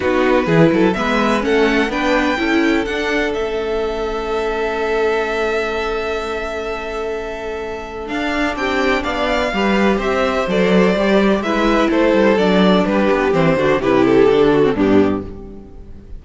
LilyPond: <<
  \new Staff \with { instrumentName = "violin" } { \time 4/4 \tempo 4 = 126 b'2 e''4 fis''4 | g''2 fis''4 e''4~ | e''1~ | e''1~ |
e''4 f''4 g''4 f''4~ | f''4 e''4 d''2 | e''4 c''4 d''4 b'4 | c''4 b'8 a'4. g'4 | }
  \new Staff \with { instrumentName = "violin" } { \time 4/4 fis'4 gis'8 a'8 b'4 a'4 | b'4 a'2.~ | a'1~ | a'1~ |
a'2 g'4 d''4 | b'4 c''2. | b'4 a'2 g'4~ | g'8 fis'8 g'4. fis'8 d'4 | }
  \new Staff \with { instrumentName = "viola" } { \time 4/4 dis'4 e'4 b4 cis'4 | d'4 e'4 d'4 cis'4~ | cis'1~ | cis'1~ |
cis'4 d'2. | g'2 a'4 g'4 | e'2 d'2 | c'8 d'8 e'4 d'8. c'16 b4 | }
  \new Staff \with { instrumentName = "cello" } { \time 4/4 b4 e8 fis8 gis4 a4 | b4 cis'4 d'4 a4~ | a1~ | a1~ |
a4 d'4 c'4 b4 | g4 c'4 fis4 g4 | gis4 a8 g8 fis4 g8 b8 | e8 d8 c4 d4 g,4 | }
>>